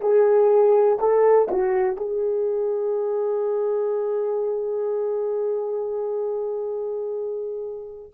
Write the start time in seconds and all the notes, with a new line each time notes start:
0.00 G#4
0.99 A4
1.51 F#4
1.96 G#4